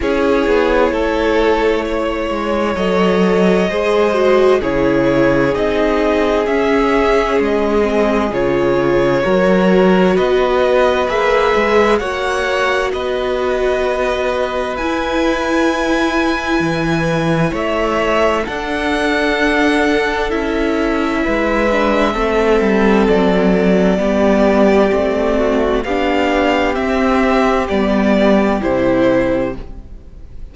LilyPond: <<
  \new Staff \with { instrumentName = "violin" } { \time 4/4 \tempo 4 = 65 cis''2. dis''4~ | dis''4 cis''4 dis''4 e''4 | dis''4 cis''2 dis''4 | e''4 fis''4 dis''2 |
gis''2. e''4 | fis''2 e''2~ | e''4 d''2. | f''4 e''4 d''4 c''4 | }
  \new Staff \with { instrumentName = "violin" } { \time 4/4 gis'4 a'4 cis''2 | c''4 gis'2.~ | gis'2 ais'4 b'4~ | b'4 cis''4 b'2~ |
b'2. cis''4 | a'2. b'4 | a'2 g'4. fis'8 | g'1 | }
  \new Staff \with { instrumentName = "viola" } { \time 4/4 e'2. a'4 | gis'8 fis'8 e'4 dis'4 cis'4~ | cis'8 c'8 f'4 fis'2 | gis'4 fis'2. |
e'1 | d'2 e'4. d'8 | c'2 b4 c'4 | d'4 c'4 b4 e'4 | }
  \new Staff \with { instrumentName = "cello" } { \time 4/4 cis'8 b8 a4. gis8 fis4 | gis4 cis4 c'4 cis'4 | gis4 cis4 fis4 b4 | ais8 gis8 ais4 b2 |
e'2 e4 a4 | d'2 cis'4 gis4 | a8 g8 fis4 g4 a4 | b4 c'4 g4 c4 | }
>>